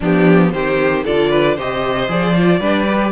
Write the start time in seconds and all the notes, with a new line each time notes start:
0.00 F3 B3 D4 G4
0.52 D#3 C4 G4 C5
1.03 D3 F4 A4 D5
1.29 B4
1.55 C3 G4 C5 D#5
2.07 F3 G#4 D5
2.35 F4
2.60 G3 D4 B4
2.87 G4